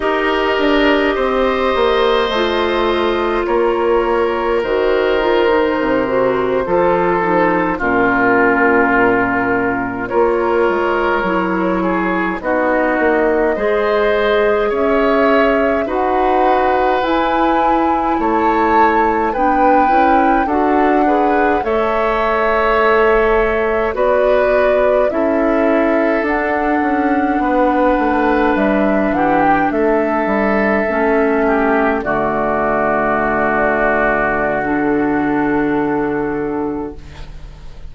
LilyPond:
<<
  \new Staff \with { instrumentName = "flute" } { \time 4/4 \tempo 4 = 52 dis''2. cis''4 | c''2~ c''8. ais'4~ ais'16~ | ais'8. cis''2 dis''4~ dis''16~ | dis''8. e''4 fis''4 gis''4 a''16~ |
a''8. g''4 fis''4 e''4~ e''16~ | e''8. d''4 e''4 fis''4~ fis''16~ | fis''8. e''8 fis''16 g''16 e''2 d''16~ | d''2 a'2 | }
  \new Staff \with { instrumentName = "oboe" } { \time 4/4 ais'4 c''2 ais'4~ | ais'4.~ ais'16 a'4 f'4~ f'16~ | f'8. ais'4. gis'8 fis'4 c''16~ | c''8. cis''4 b'2 cis''16~ |
cis''8. b'4 a'8 b'8 cis''4~ cis''16~ | cis''8. b'4 a'2 b'16~ | b'4~ b'16 g'8 a'4. g'8 fis'16~ | fis'1 | }
  \new Staff \with { instrumentName = "clarinet" } { \time 4/4 g'2 f'2 | fis'8 f'16 dis'8 fis'8 f'8 dis'8 cis'4~ cis'16~ | cis'8. f'4 e'4 dis'4 gis'16~ | gis'4.~ gis'16 fis'4 e'4~ e'16~ |
e'8. d'8 e'8 fis'8 gis'8 a'4~ a'16~ | a'8. fis'4 e'4 d'4~ d'16~ | d'2~ d'8. cis'4 a16~ | a2 d'2 | }
  \new Staff \with { instrumentName = "bassoon" } { \time 4/4 dis'8 d'8 c'8 ais8 a4 ais4 | dis4 c8. f4 ais,4~ ais,16~ | ais,8. ais8 gis8 fis4 b8 ais8 gis16~ | gis8. cis'4 dis'4 e'4 a16~ |
a8. b8 cis'8 d'4 a4~ a16~ | a8. b4 cis'4 d'8 cis'8 b16~ | b16 a8 g8 e8 a8 g8 a4 d16~ | d1 | }
>>